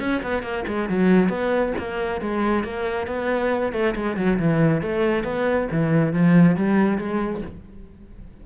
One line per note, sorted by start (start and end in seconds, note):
0.00 0.22 C#4
0.23 0.43 B3
0.43 0.64 A#3
0.68 0.89 G#3
0.89 1.29 F#3
1.29 1.73 B3
1.78 2.21 A#3
2.21 2.64 G#3
2.64 3.07 A#3
3.07 3.73 B3
3.73 3.95 A3
3.95 4.17 G#3
4.17 4.39 F#3
4.39 4.82 E3
4.82 5.24 A3
5.24 5.68 B3
5.72 6.13 E3
6.13 6.56 F3
6.56 6.98 G3
6.98 7.42 G#3